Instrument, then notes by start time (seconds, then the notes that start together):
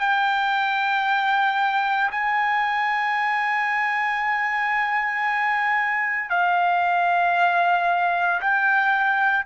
trumpet
0.00 G5
2.11 G#5
6.30 F5
8.41 G5